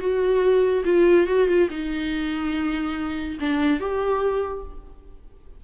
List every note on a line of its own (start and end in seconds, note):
0.00 0.84 F#4
0.85 1.27 F4
1.27 1.48 F#4
1.48 1.69 F4
1.71 3.38 D#4
3.40 3.80 D4
3.80 4.64 G4